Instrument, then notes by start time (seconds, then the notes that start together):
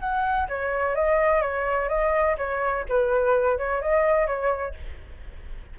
flute
0.00 F#5
0.48 C#5
0.95 D#5
1.42 C#5
1.89 D#5
2.38 C#5
2.89 B4
3.58 C#5
3.82 D#5
4.27 C#5